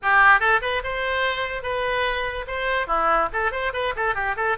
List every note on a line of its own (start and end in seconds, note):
0.02 0.39 G4
0.39 0.60 A4
0.61 0.82 B4
0.83 1.62 C5
1.62 2.45 B4
2.47 2.87 C5
2.87 3.28 E4
3.32 3.51 A4
3.51 3.72 C5
3.73 3.94 B4
3.95 4.15 A4
4.15 4.35 G4
4.36 4.57 A4